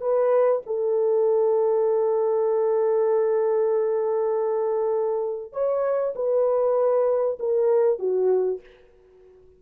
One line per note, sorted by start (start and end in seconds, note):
0.00 0.61 B4
0.66 5.52 A4
5.52 6.14 C#5
6.15 7.38 B4
7.39 7.99 A#4
7.99 8.60 F#4